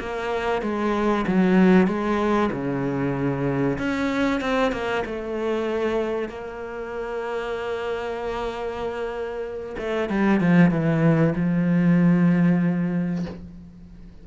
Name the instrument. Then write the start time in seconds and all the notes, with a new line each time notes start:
cello
0.00 A#3
0.62 G#3
1.27 F#3
1.87 G#3
2.52 C#3
3.78 C#4
4.41 C4
4.73 A#3
5.06 A3
6.29 A#3
9.78 A3
10.09 G3
10.41 F3
10.71 E3
11.36 F3